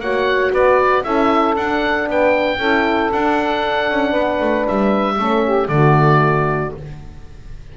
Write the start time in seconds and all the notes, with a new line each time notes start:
0.00 A#3 F#4 C#5 F#5
0.52 B3 B4 D5
1.04 C#4 E4 A4 E5
1.56 D4 F#5
2.08 B3 B4 G5
2.58 C#4 E4 A4
3.12 D4 F#5
3.91 C#4
4.11 B3 B4
4.41 A3
4.68 G3 E5
5.19 A3 C#4 A4
5.44 G4
5.68 D3 A3 F#4 D5